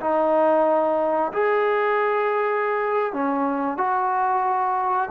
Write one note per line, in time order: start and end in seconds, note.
0.00 1.32 D#4
1.32 3.13 G#4
3.13 3.77 C#4
3.77 5.09 F#4